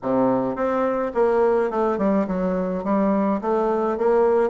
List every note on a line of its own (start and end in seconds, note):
0.02 0.55 C3
0.55 1.12 C4
1.14 1.70 A#3
1.70 1.98 A3
1.98 2.26 G3
2.27 2.84 F#3
2.84 3.40 G3
3.41 3.97 A3
3.97 4.49 A#3